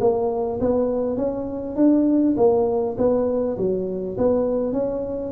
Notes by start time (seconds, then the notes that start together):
0.00 A#3
0.60 B3
1.16 C#4
1.76 D4
2.37 A#3
2.97 B3
3.57 F#3
4.17 B3
4.72 C#4